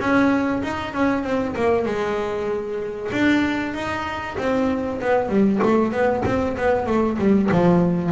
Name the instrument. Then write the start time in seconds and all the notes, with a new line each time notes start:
double bass
0.00 C#4
0.63 D#4
0.94 C#4
1.24 C4
1.56 A#3
1.86 G#3
3.12 D4
3.74 D#4
4.38 C4
5.01 B3
5.29 G3
5.63 A3
5.92 B3
6.25 C4
6.57 B3
6.87 A3
7.18 G3
7.52 F3